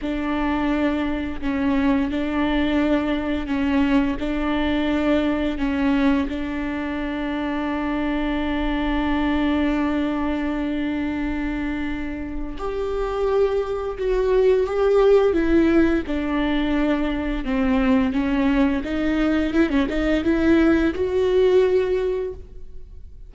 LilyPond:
\new Staff \with { instrumentName = "viola" } { \time 4/4 \tempo 4 = 86 d'2 cis'4 d'4~ | d'4 cis'4 d'2 | cis'4 d'2.~ | d'1~ |
d'2 g'2 | fis'4 g'4 e'4 d'4~ | d'4 c'4 cis'4 dis'4 | e'16 cis'16 dis'8 e'4 fis'2 | }